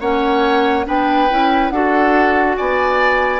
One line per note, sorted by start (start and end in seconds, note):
0.00 0.86 A#3
0.00 0.85 C#4
0.00 0.86 C#5
0.00 0.86 F#5
0.85 1.30 B3
0.85 1.28 D4
0.85 1.73 B4
0.85 1.69 G5
1.30 1.70 C#4
1.30 1.72 E4
1.69 2.56 D4
1.69 3.39 F#4
1.69 2.56 A4
1.69 2.55 F#5
2.56 3.39 B3
2.56 3.39 D5
2.56 3.39 G#5